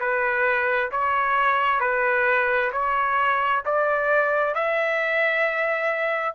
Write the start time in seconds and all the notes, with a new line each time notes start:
0.00 B4
0.92 C#5
1.81 B4
2.73 C#5
3.66 D5
4.55 E5